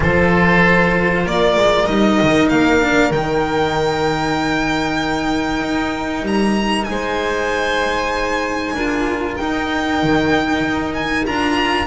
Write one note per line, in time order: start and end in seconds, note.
0.00 1.25 F3
0.00 1.86 F4
0.00 1.24 A4
0.00 1.27 C5
1.24 1.56 A#3
1.24 6.86 A#4
1.24 1.85 D5
1.56 1.87 G#3
1.85 2.20 G3
1.85 2.80 D#4
1.85 2.48 D#5
2.21 2.51 D#3
2.49 3.11 A#3
2.49 3.11 F5
2.80 3.11 D4
3.11 5.60 D#3
3.11 8.77 D#4
3.11 6.24 G5
5.60 6.21 D#4
6.21 6.84 G3
6.21 6.84 A#5
6.84 8.73 G#3
6.84 9.34 G#5
6.90 8.74 C5
8.73 9.36 D4
8.73 9.39 F4
8.73 11.86 A#4
9.37 11.26 D#4
9.37 10.02 D#4
9.37 10.93 G5
10.02 10.60 D#3
10.60 11.23 D#4
10.93 11.25 G#5
11.26 11.86 D4
11.26 11.86 F4
11.26 11.86 A#5